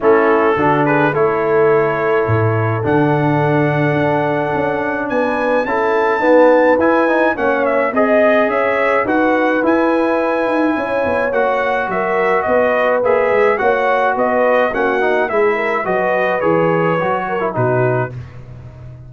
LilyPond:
<<
  \new Staff \with { instrumentName = "trumpet" } { \time 4/4 \tempo 4 = 106 a'4. b'8 cis''2~ | cis''4 fis''2.~ | fis''4 gis''4 a''2 | gis''4 fis''8 e''8 dis''4 e''4 |
fis''4 gis''2. | fis''4 e''4 dis''4 e''4 | fis''4 dis''4 fis''4 e''4 | dis''4 cis''2 b'4 | }
  \new Staff \with { instrumentName = "horn" } { \time 4/4 e'4 fis'8 gis'8 a'2~ | a'1~ | a'4 b'4 a'4 b'4~ | b'4 cis''4 dis''4 cis''4 |
b'2. cis''4~ | cis''4 ais'4 b'2 | cis''4 b'4 fis'4 gis'8 ais'8 | b'2~ b'8 ais'8 fis'4 | }
  \new Staff \with { instrumentName = "trombone" } { \time 4/4 cis'4 d'4 e'2~ | e'4 d'2.~ | d'2 e'4 b4 | e'8 dis'8 cis'4 gis'2 |
fis'4 e'2. | fis'2. gis'4 | fis'2 cis'8 dis'8 e'4 | fis'4 gis'4 fis'8. e'16 dis'4 | }
  \new Staff \with { instrumentName = "tuba" } { \time 4/4 a4 d4 a2 | a,4 d2 d'4 | cis'4 b4 cis'4 dis'4 | e'4 ais4 c'4 cis'4 |
dis'4 e'4. dis'8 cis'8 b8 | ais4 fis4 b4 ais8 gis8 | ais4 b4 ais4 gis4 | fis4 e4 fis4 b,4 | }
>>